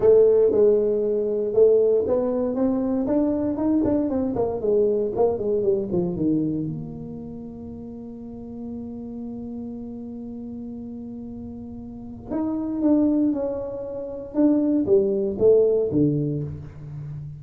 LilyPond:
\new Staff \with { instrumentName = "tuba" } { \time 4/4 \tempo 4 = 117 a4 gis2 a4 | b4 c'4 d'4 dis'8 d'8 | c'8 ais8 gis4 ais8 gis8 g8 f8 | dis4 ais2.~ |
ais1~ | ais1 | dis'4 d'4 cis'2 | d'4 g4 a4 d4 | }